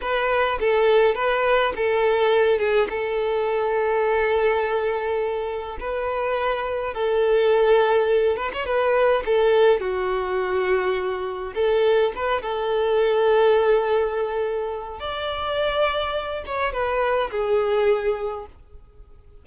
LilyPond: \new Staff \with { instrumentName = "violin" } { \time 4/4 \tempo 4 = 104 b'4 a'4 b'4 a'4~ | a'8 gis'8 a'2.~ | a'2 b'2 | a'2~ a'8 b'16 cis''16 b'4 |
a'4 fis'2. | a'4 b'8 a'2~ a'8~ | a'2 d''2~ | d''8 cis''8 b'4 gis'2 | }